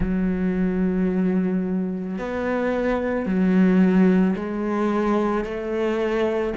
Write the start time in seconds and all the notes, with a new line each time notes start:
0.00 F#3
2.18 B3
3.26 F#3
4.35 G#3
5.44 A3